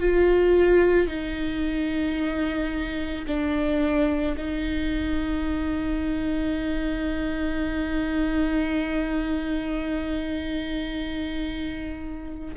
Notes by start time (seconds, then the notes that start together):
0.00 F4
1.08 D#4
3.27 D4
4.37 D#4